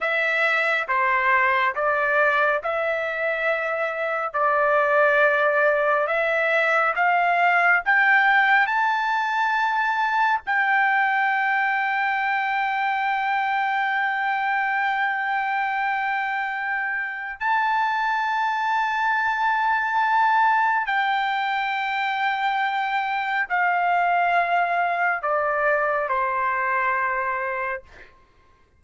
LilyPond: \new Staff \with { instrumentName = "trumpet" } { \time 4/4 \tempo 4 = 69 e''4 c''4 d''4 e''4~ | e''4 d''2 e''4 | f''4 g''4 a''2 | g''1~ |
g''1 | a''1 | g''2. f''4~ | f''4 d''4 c''2 | }